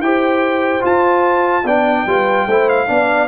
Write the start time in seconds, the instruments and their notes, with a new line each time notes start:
0.00 tuba E4, trombone G4, horn C5, trumpet G5
0.80 trombone F4, tuba F4, trumpet A5
1.64 tuba B3, trombone D4, horn D5, trumpet G5
2.06 tuba G3, trombone F4, horn B4
2.46 tuba A3, trombone E4, horn C5
2.69 trumpet F5
2.87 tuba B3, trombone D4, horn D5